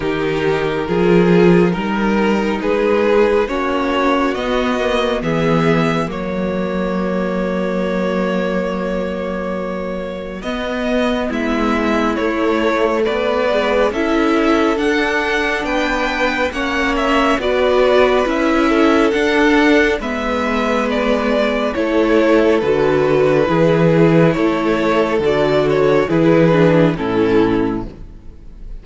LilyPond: <<
  \new Staff \with { instrumentName = "violin" } { \time 4/4 \tempo 4 = 69 ais'2. b'4 | cis''4 dis''4 e''4 cis''4~ | cis''1 | dis''4 e''4 cis''4 d''4 |
e''4 fis''4 g''4 fis''8 e''8 | d''4 e''4 fis''4 e''4 | d''4 cis''4 b'2 | cis''4 d''8 cis''8 b'4 a'4 | }
  \new Staff \with { instrumentName = "violin" } { \time 4/4 g'4 gis'4 ais'4 gis'4 | fis'2 gis'4 fis'4~ | fis'1~ | fis'4 e'2 b'4 |
a'2 b'4 cis''4 | b'4. a'4. b'4~ | b'4 a'2 gis'4 | a'2 gis'4 e'4 | }
  \new Staff \with { instrumentName = "viola" } { \time 4/4 dis'4 f'4 dis'2 | cis'4 b8 ais8 b4 ais4~ | ais1 | b2 a4. gis8 |
e'4 d'2 cis'4 | fis'4 e'4 d'4 b4~ | b4 e'4 fis'4 e'4~ | e'4 fis'4 e'8 d'8 cis'4 | }
  \new Staff \with { instrumentName = "cello" } { \time 4/4 dis4 f4 g4 gis4 | ais4 b4 e4 fis4~ | fis1 | b4 gis4 a4 b4 |
cis'4 d'4 b4 ais4 | b4 cis'4 d'4 gis4~ | gis4 a4 d4 e4 | a4 d4 e4 a,4 | }
>>